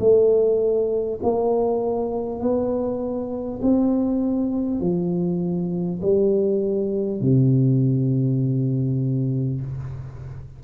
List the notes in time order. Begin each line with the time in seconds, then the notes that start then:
0.00 A3
1.23 A#3
2.40 B3
3.62 C4
4.81 F3
6.02 G3
7.21 C3